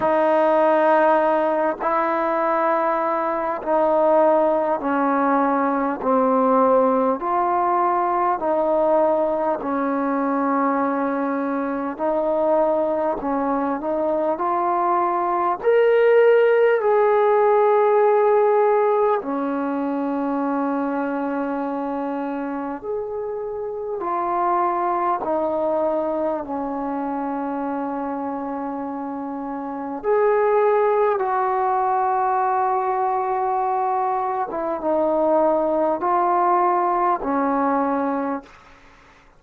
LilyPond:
\new Staff \with { instrumentName = "trombone" } { \time 4/4 \tempo 4 = 50 dis'4. e'4. dis'4 | cis'4 c'4 f'4 dis'4 | cis'2 dis'4 cis'8 dis'8 | f'4 ais'4 gis'2 |
cis'2. gis'4 | f'4 dis'4 cis'2~ | cis'4 gis'4 fis'2~ | fis'8. e'16 dis'4 f'4 cis'4 | }